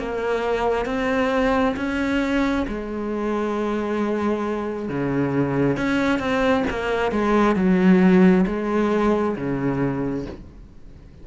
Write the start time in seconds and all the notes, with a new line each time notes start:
0.00 A#3
0.86 C4
1.77 C#4
2.69 G#3
4.89 C#3
5.77 C#4
6.20 C4
6.70 A#3
7.12 G#3
7.56 F#3
8.47 G#3
9.37 C#3